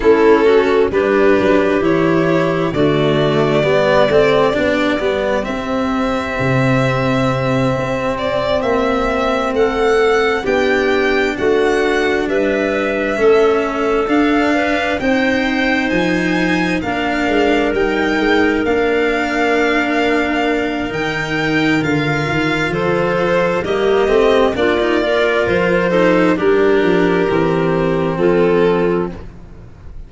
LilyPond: <<
  \new Staff \with { instrumentName = "violin" } { \time 4/4 \tempo 4 = 66 a'4 b'4 cis''4 d''4~ | d''2 e''2~ | e''4 d''8 e''4 fis''4 g''8~ | g''8 fis''4 e''2 f''8~ |
f''8 g''4 gis''4 f''4 g''8~ | g''8 f''2~ f''8 g''4 | f''4 c''4 dis''4 d''4 | c''4 ais'2 a'4 | }
  \new Staff \with { instrumentName = "clarinet" } { \time 4/4 e'8 fis'8 g'2 fis'4 | g'1~ | g'2~ g'8 a'4 g'8~ | g'8 fis'4 b'4 a'4. |
b'8 c''2 ais'4.~ | ais'1~ | ais'4 a'4 g'4 f'8 ais'8~ | ais'8 a'8 g'2 f'4 | }
  \new Staff \with { instrumentName = "cello" } { \time 4/4 cis'4 d'4 e'4 a4 | b8 c'8 d'8 b8 c'2~ | c'2.~ c'8 d'8~ | d'2~ d'8 cis'4 d'8~ |
d'8 dis'2 d'4 dis'8~ | dis'8 d'2~ d'8 dis'4 | f'2 ais8 c'8 d'16 dis'16 f'8~ | f'8 dis'8 d'4 c'2 | }
  \new Staff \with { instrumentName = "tuba" } { \time 4/4 a4 g8 fis8 e4 d4 | g8 a8 b8 g8 c'4 c4~ | c8 c'4 ais4 a4 b8~ | b8 a4 g4 a4 d'8~ |
d'8 c'4 f4 ais8 gis8 g8 | gis8 ais2~ ais8 dis4 | d8 dis8 f4 g8 a8 ais4 | f4 g8 f8 e4 f4 | }
>>